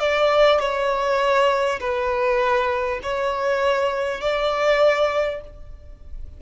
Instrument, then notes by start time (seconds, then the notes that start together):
violin
0.00 D5
0.59 C#5
1.80 B4
3.02 C#5
4.21 D5